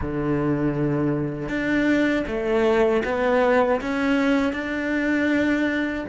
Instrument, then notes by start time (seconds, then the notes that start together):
cello
0.01 D3
1.48 D4
2.27 A3
3.04 B3
3.81 C#4
4.52 D4